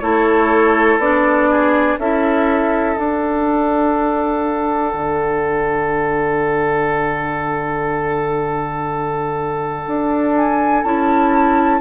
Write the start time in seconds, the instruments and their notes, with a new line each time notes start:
0.00 bassoon A3, clarinet E4, oboe A4, flute C#5
0.98 bassoon B3, clarinet D4, flute D5
1.50 oboe G#4
1.98 bassoon C#4, clarinet E4, oboe A4, flute E5
2.96 clarinet D4, bassoon D4, flute F#5
4.93 bassoon D3
9.87 bassoon D4
10.36 flute G#5
10.83 bassoon C#4, clarinet E4, flute A5